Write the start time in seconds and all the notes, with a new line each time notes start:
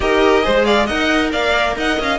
0.00 D#4 G4 A#4 D#5
0.42 G#3 G#4 C5
0.65 D5 F5
0.86 D#4 A#4 D#5 F#5
1.32 A#3 D5 F5
1.76 D#4 D#5 F#5
1.99 C#4 F5